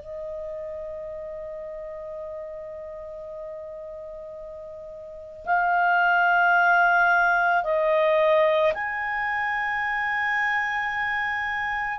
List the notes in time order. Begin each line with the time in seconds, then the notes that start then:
0.00 D#5
5.46 F5
7.64 D#5
8.74 G#5